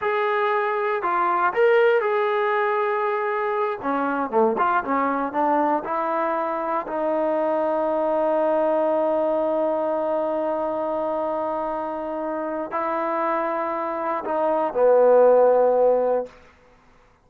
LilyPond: \new Staff \with { instrumentName = "trombone" } { \time 4/4 \tempo 4 = 118 gis'2 f'4 ais'4 | gis'2.~ gis'8 cis'8~ | cis'8 a8 f'8 cis'4 d'4 e'8~ | e'4. dis'2~ dis'8~ |
dis'1~ | dis'1~ | dis'4 e'2. | dis'4 b2. | }